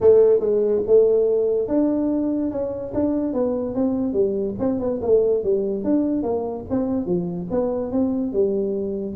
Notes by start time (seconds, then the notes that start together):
0.00 A3
0.40 G#3
0.86 A3
1.67 D4
2.51 C#4
2.94 D4
3.33 B3
3.74 C4
4.13 G3
4.59 C4
4.79 B3
5.02 A3
5.43 G3
5.84 D4
6.23 A#3
6.70 C4
7.05 F3
7.50 B3
7.91 C4
8.33 G3